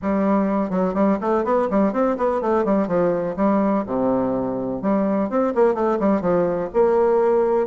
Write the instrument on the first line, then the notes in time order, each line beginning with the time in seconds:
bassoon
0.02 G3
0.70 F#3
0.94 G3
1.20 A3
1.44 B3
1.70 G3
1.92 C4
2.17 B3
2.41 A3
2.64 G3
2.87 F3
3.36 G3
3.86 C3
4.82 G3
5.29 C4
5.54 A#3
5.74 A3
5.99 G3
6.21 F3
6.73 A#3